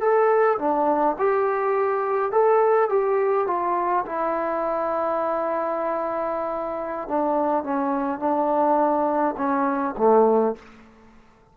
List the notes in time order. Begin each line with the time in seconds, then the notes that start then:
0.00 A4
0.58 D4
1.19 G4
2.32 A4
2.89 G4
3.47 F4
4.06 E4
7.08 D4
7.64 C#4
8.19 D4
9.37 C#4
9.97 A3